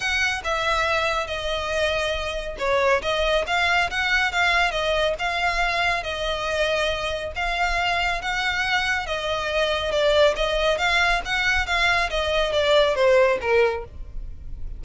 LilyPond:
\new Staff \with { instrumentName = "violin" } { \time 4/4 \tempo 4 = 139 fis''4 e''2 dis''4~ | dis''2 cis''4 dis''4 | f''4 fis''4 f''4 dis''4 | f''2 dis''2~ |
dis''4 f''2 fis''4~ | fis''4 dis''2 d''4 | dis''4 f''4 fis''4 f''4 | dis''4 d''4 c''4 ais'4 | }